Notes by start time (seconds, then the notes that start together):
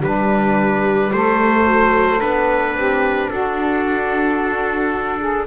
0.00 G3 D4 B4
1.13 A3 A4 C5
1.66 F#3
2.21 B3 D4 B4
2.76 C4 G4
3.29 D4 F#4 A4
5.20 G#4